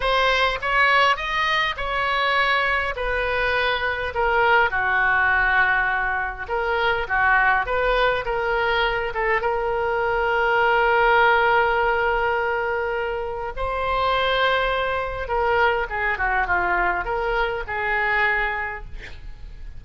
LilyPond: \new Staff \with { instrumentName = "oboe" } { \time 4/4 \tempo 4 = 102 c''4 cis''4 dis''4 cis''4~ | cis''4 b'2 ais'4 | fis'2. ais'4 | fis'4 b'4 ais'4. a'8 |
ais'1~ | ais'2. c''4~ | c''2 ais'4 gis'8 fis'8 | f'4 ais'4 gis'2 | }